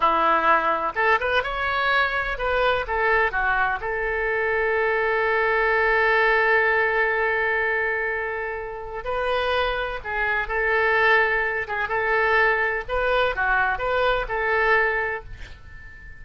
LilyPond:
\new Staff \with { instrumentName = "oboe" } { \time 4/4 \tempo 4 = 126 e'2 a'8 b'8 cis''4~ | cis''4 b'4 a'4 fis'4 | a'1~ | a'1~ |
a'2. b'4~ | b'4 gis'4 a'2~ | a'8 gis'8 a'2 b'4 | fis'4 b'4 a'2 | }